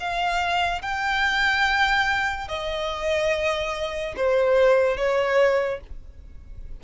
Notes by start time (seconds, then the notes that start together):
0.00 F5
0.82 G5
2.48 D#5
4.17 C5
4.97 C#5